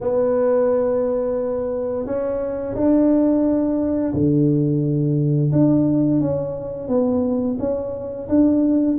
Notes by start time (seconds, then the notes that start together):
0.01 B3
2.05 C#4
2.75 D4
4.13 D3
5.52 D4
6.20 C#4
6.88 B3
7.59 C#4
8.28 D4